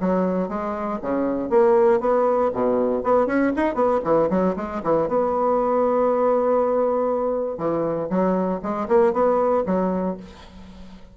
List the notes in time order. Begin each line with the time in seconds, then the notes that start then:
0.00 F#3
0.49 G#3
1.02 C#3
1.50 A#3
2.00 B3
2.53 B2
3.03 B3
3.27 C#4
3.56 D#4
3.74 B3
4.04 E3
4.30 F#3
4.56 G#3
4.83 E3
5.08 B3
7.58 E3
8.10 F#3
8.62 G#3
8.88 A#3
9.13 B3
9.66 F#3